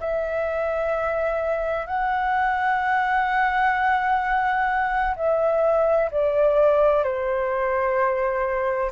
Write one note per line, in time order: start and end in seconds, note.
0.00 1.86 E5
1.86 5.14 F#5
5.16 6.10 E5
6.11 7.04 D5
7.04 8.91 C5